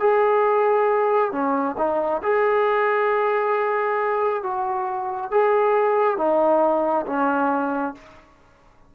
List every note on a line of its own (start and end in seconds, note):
0.00 1.32 G#4
1.32 1.76 C#4
1.78 2.22 D#4
2.23 4.43 G#4
4.43 5.31 F#4
5.31 6.18 G#4
6.18 7.06 D#4
7.07 7.95 C#4